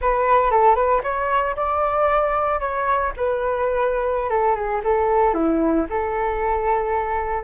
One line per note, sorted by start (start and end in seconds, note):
0.01 0.51 B4
0.51 0.75 A4
0.75 1.01 B4
1.03 1.55 C#5
1.55 2.60 D5
2.60 3.12 C#5
3.17 4.29 B4
4.29 4.55 A4
4.55 4.81 G#4
4.84 5.34 A4
5.34 5.86 E4
5.89 7.43 A4